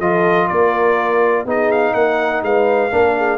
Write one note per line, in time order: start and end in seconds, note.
0.00 0.48 F3
0.00 1.47 F4
0.00 0.48 A4
0.00 0.48 D#5
0.48 1.46 A#3
0.48 1.45 A#4
0.48 1.45 D5
1.45 1.94 B3
1.45 2.91 D#4
1.45 1.94 G#4
1.45 1.72 D#5
1.72 1.94 F5
1.94 2.43 A#3
1.94 2.45 A#4
1.94 2.43 F#5
2.43 2.91 G#3
2.43 2.92 B4
2.43 3.38 F5
2.91 3.38 A#3
2.91 3.38 D4
2.91 3.16 A#4
3.17 3.38 G#4